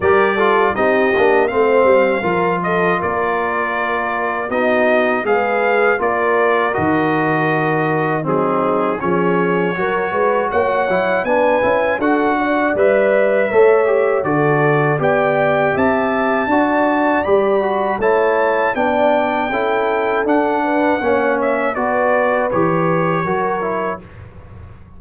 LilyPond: <<
  \new Staff \with { instrumentName = "trumpet" } { \time 4/4 \tempo 4 = 80 d''4 dis''4 f''4. dis''8 | d''2 dis''4 f''4 | d''4 dis''2 gis'4 | cis''2 fis''4 gis''4 |
fis''4 e''2 d''4 | g''4 a''2 b''4 | a''4 g''2 fis''4~ | fis''8 e''8 d''4 cis''2 | }
  \new Staff \with { instrumentName = "horn" } { \time 4/4 ais'8 a'8 g'4 c''4 ais'8 a'8 | ais'2 fis'4 b'4 | ais'2. dis'4 | gis'4 ais'8 b'8 cis''4 b'4 |
a'8 d''4. cis''4 a'4 | d''4 e''4 d''2 | cis''4 d''4 a'4. b'8 | cis''4 b'2 ais'4 | }
  \new Staff \with { instrumentName = "trombone" } { \time 4/4 g'8 f'8 dis'8 d'8 c'4 f'4~ | f'2 dis'4 gis'4 | f'4 fis'2 c'4 | cis'4 fis'4. e'8 d'8 e'8 |
fis'4 b'4 a'8 g'8 fis'4 | g'2 fis'4 g'8 fis'8 | e'4 d'4 e'4 d'4 | cis'4 fis'4 g'4 fis'8 e'8 | }
  \new Staff \with { instrumentName = "tuba" } { \time 4/4 g4 c'8 ais8 a8 g8 f4 | ais2 b4 gis4 | ais4 dis2 fis4 | f4 fis8 gis8 ais8 fis8 b8 cis'8 |
d'4 g4 a4 d4 | b4 c'4 d'4 g4 | a4 b4 cis'4 d'4 | ais4 b4 e4 fis4 | }
>>